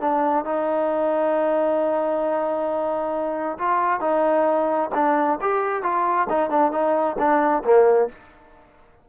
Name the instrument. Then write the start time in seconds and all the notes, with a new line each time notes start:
trombone
0.00 D4
0.44 D#4
3.58 F4
4.00 D#4
4.94 D4
5.41 G4
5.83 F4
6.29 D#4
6.50 D4
6.71 D#4
7.18 D4
7.64 A#3